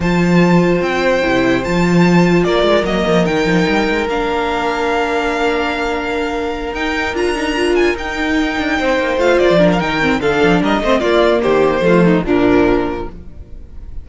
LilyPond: <<
  \new Staff \with { instrumentName = "violin" } { \time 4/4 \tempo 4 = 147 a''2 g''2 | a''2 d''4 dis''4 | g''2 f''2~ | f''1~ |
f''8 g''4 ais''4. gis''8 g''8~ | g''2~ g''8 f''8 d''8. f''16 | g''4 f''4 dis''4 d''4 | c''2 ais'2 | }
  \new Staff \with { instrumentName = "violin" } { \time 4/4 c''1~ | c''2 ais'2~ | ais'1~ | ais'1~ |
ais'1~ | ais'4. c''2 ais'8~ | ais'4 a'4 ais'8 c''8 f'4 | g'4 f'8 dis'8 d'2 | }
  \new Staff \with { instrumentName = "viola" } { \time 4/4 f'2. e'4 | f'2. ais4 | dis'2 d'2~ | d'1~ |
d'8 dis'4 f'8 dis'8 f'4 dis'8~ | dis'2~ dis'8 f'4 d'8 | dis'8 c'8 d'4. c'8 ais4~ | ais4 a4 f2 | }
  \new Staff \with { instrumentName = "cello" } { \time 4/4 f2 c'4 c4 | f2 ais8 gis8 fis8 f8 | dis8 f8 g8 gis8 ais2~ | ais1~ |
ais8 dis'4 d'2 dis'8~ | dis'4 d'8 c'8 ais8 a8 ais16 f8. | dis4 d8 f8 g8 a8 ais4 | dis4 f4 ais,2 | }
>>